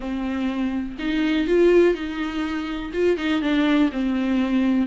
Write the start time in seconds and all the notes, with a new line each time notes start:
0.00 C4
0.99 D#4
1.47 F4
1.94 D#4
2.93 F4
3.17 D#4
3.41 D4
3.92 C4